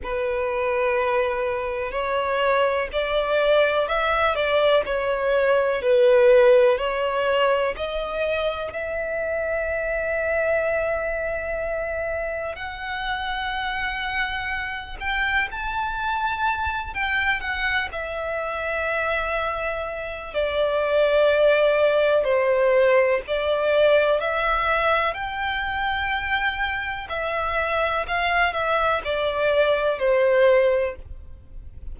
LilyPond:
\new Staff \with { instrumentName = "violin" } { \time 4/4 \tempo 4 = 62 b'2 cis''4 d''4 | e''8 d''8 cis''4 b'4 cis''4 | dis''4 e''2.~ | e''4 fis''2~ fis''8 g''8 |
a''4. g''8 fis''8 e''4.~ | e''4 d''2 c''4 | d''4 e''4 g''2 | e''4 f''8 e''8 d''4 c''4 | }